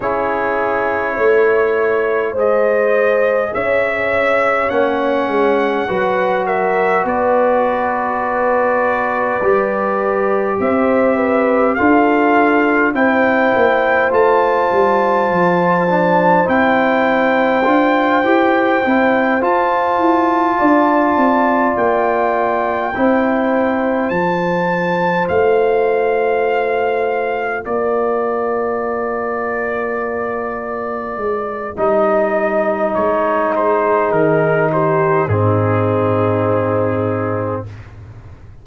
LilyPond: <<
  \new Staff \with { instrumentName = "trumpet" } { \time 4/4 \tempo 4 = 51 cis''2 dis''4 e''4 | fis''4. e''8 d''2~ | d''4 e''4 f''4 g''4 | a''2 g''2~ |
g''8 a''2 g''4.~ | g''8 a''4 f''2 d''8~ | d''2. dis''4 | cis''8 c''8 ais'8 c''8 gis'2 | }
  \new Staff \with { instrumentName = "horn" } { \time 4/4 gis'4 cis''4 c''4 cis''4~ | cis''4 b'8 ais'8 b'2~ | b'4 c''8 b'8 a'4 c''4~ | c''1~ |
c''4. d''2 c''8~ | c''2.~ c''8 ais'8~ | ais'1~ | ais'8 gis'4 g'8 dis'2 | }
  \new Staff \with { instrumentName = "trombone" } { \time 4/4 e'2 gis'2 | cis'4 fis'2. | g'2 f'4 e'4 | f'4. d'8 e'4 f'8 g'8 |
e'8 f'2. e'8~ | e'8 f'2.~ f'8~ | f'2. dis'4~ | dis'2 c'2 | }
  \new Staff \with { instrumentName = "tuba" } { \time 4/4 cis'4 a4 gis4 cis'4 | ais8 gis8 fis4 b2 | g4 c'4 d'4 c'8 ais8 | a8 g8 f4 c'4 d'8 e'8 |
c'8 f'8 e'8 d'8 c'8 ais4 c'8~ | c'8 f4 a2 ais8~ | ais2~ ais8 gis8 g4 | gis4 dis4 gis,2 | }
>>